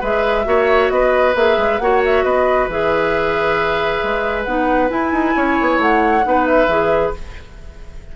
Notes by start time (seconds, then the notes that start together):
0.00 G#3 G#4 B4 E5
0.45 A#3 F#4 C#5
0.90 B3 B4 D#5
1.35 A#3 G#4 E5
1.57 G#3
1.79 A#3 F#4 C#5 F#5
2.05 E5
2.23 B3 B4 D#5
2.68 E3 G#4 E5
4.03 G#3
4.44 B3 D#4 F#5
4.89 E4 G#5
5.12 D#4
5.36 C#4 C#5
5.61 B3
5.79 A3 F#5
6.23 B3 D#4 B4
6.46 E5
6.67 E3 G#4